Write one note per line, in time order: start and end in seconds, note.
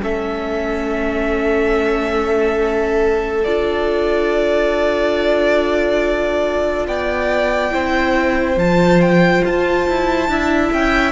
0.00 3.45 A3
0.00 3.43 C#4
0.00 6.87 A4
0.00 3.44 E5
3.44 6.87 D4
3.44 7.71 F4
3.44 6.86 D5
6.87 7.73 B3
6.87 7.73 D5
6.87 8.58 G5
7.71 8.56 C4
7.71 8.56 E4
7.71 10.30 C5
8.56 9.42 F3
8.56 10.28 F4
8.56 9.01 A5
9.01 9.44 G5
9.45 9.88 F4
9.45 10.72 A5
9.89 10.28 E4
10.28 10.71 D4
10.28 11.12 E4
10.28 11.12 E5
10.72 11.12 C#4
10.72 11.12 G5